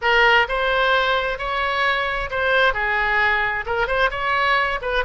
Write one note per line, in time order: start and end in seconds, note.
0.01 0.47 A#4
0.48 1.38 C5
1.38 2.30 C#5
2.30 2.73 C5
2.73 3.65 G#4
3.66 3.87 A#4
3.87 4.10 C5
4.10 4.79 C#5
4.81 5.04 B4